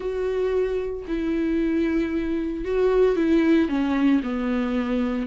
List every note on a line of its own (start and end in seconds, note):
0.00 1.05 F#4
1.07 2.64 E4
2.64 3.16 F#4
3.16 3.68 E4
3.68 4.21 C#4
4.23 5.27 B3